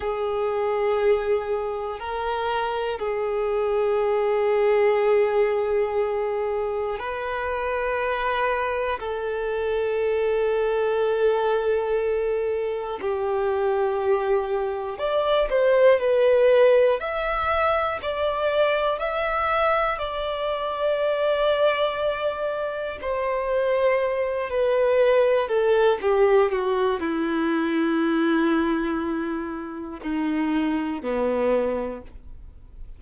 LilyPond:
\new Staff \with { instrumentName = "violin" } { \time 4/4 \tempo 4 = 60 gis'2 ais'4 gis'4~ | gis'2. b'4~ | b'4 a'2.~ | a'4 g'2 d''8 c''8 |
b'4 e''4 d''4 e''4 | d''2. c''4~ | c''8 b'4 a'8 g'8 fis'8 e'4~ | e'2 dis'4 b4 | }